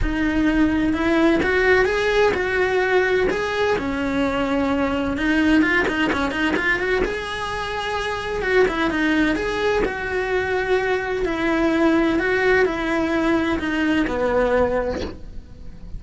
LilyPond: \new Staff \with { instrumentName = "cello" } { \time 4/4 \tempo 4 = 128 dis'2 e'4 fis'4 | gis'4 fis'2 gis'4 | cis'2. dis'4 | f'8 dis'8 cis'8 dis'8 f'8 fis'8 gis'4~ |
gis'2 fis'8 e'8 dis'4 | gis'4 fis'2. | e'2 fis'4 e'4~ | e'4 dis'4 b2 | }